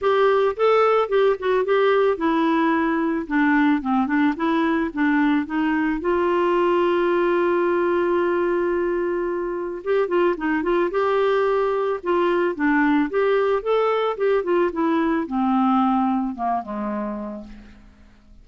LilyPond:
\new Staff \with { instrumentName = "clarinet" } { \time 4/4 \tempo 4 = 110 g'4 a'4 g'8 fis'8 g'4 | e'2 d'4 c'8 d'8 | e'4 d'4 dis'4 f'4~ | f'1~ |
f'2 g'8 f'8 dis'8 f'8 | g'2 f'4 d'4 | g'4 a'4 g'8 f'8 e'4 | c'2 ais8 gis4. | }